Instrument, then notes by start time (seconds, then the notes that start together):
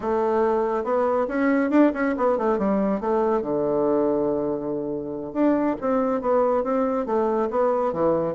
bassoon
0.00 A3
0.84 B3
1.27 C#4
1.70 D4
1.93 C#4
2.17 B3
2.38 A3
2.58 G3
3.00 A3
3.41 D3
5.33 D4
5.80 C4
6.21 B3
6.63 C4
7.06 A3
7.50 B3
7.92 E3